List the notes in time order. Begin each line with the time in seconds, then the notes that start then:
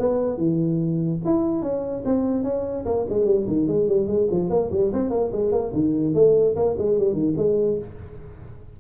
0.00 B3
0.38 E3
1.26 E4
1.63 C#4
2.06 C4
2.44 C#4
2.86 A#3
3.10 G#3
3.26 G3
3.47 D#3
3.68 G#3
3.88 G3
4.07 G#3
4.31 F3
4.50 A#3
4.72 G3
4.94 C4
5.11 A#3
5.33 G#3
5.52 A#3
5.74 D#3
6.15 A3
6.56 A#3
6.78 G#3
6.99 G3
7.13 D#3
7.37 G#3